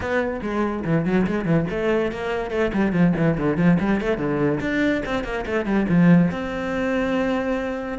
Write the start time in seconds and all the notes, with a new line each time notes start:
0.00 B3
0.42 G#3
0.84 E3
1.05 F#3
1.27 G#3
1.45 E3
1.70 A3
2.11 A#3
2.50 A3
2.73 G3
2.92 F3
3.16 E3
3.37 D3
3.57 F3
3.79 G3
4.00 A3
4.17 D3
4.60 D4
5.05 C4
5.24 A#3
5.46 A3
5.65 G3
5.89 F3
6.31 C4